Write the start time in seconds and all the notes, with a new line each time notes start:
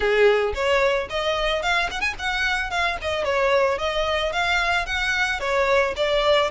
0.00 G#4
0.54 C#5
1.09 D#5
1.62 F5
1.91 F#5
2.00 G#5
2.18 F#5
2.70 F5
3.01 D#5
3.24 C#5
3.78 D#5
4.32 F5
4.86 F#5
5.40 C#5
5.96 D5